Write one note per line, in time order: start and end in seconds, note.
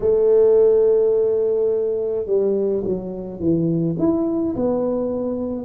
0.00 2.26 A3
2.26 2.83 G3
2.84 3.39 F#3
3.39 3.96 E3
3.98 4.55 E4
4.55 5.64 B3